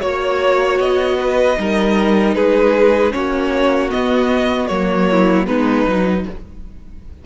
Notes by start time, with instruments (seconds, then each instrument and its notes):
0.00 cello A#3, viola F#4, violin C#5
0.79 cello B3, violin D#5
1.19 violin B4
1.57 cello G3, viola D#4, violin A#4
2.35 cello G#3, violin G#4 B4
3.11 cello A#3, viola C#4, violin F#4 C#5
3.90 viola B3, cello B3, violin D#5
4.67 cello F#3, viola A#3, violin C#5
5.11 violin E4
5.47 cello G#3, viola B3, violin D#4 B4
5.87 cello F#3, viola D#4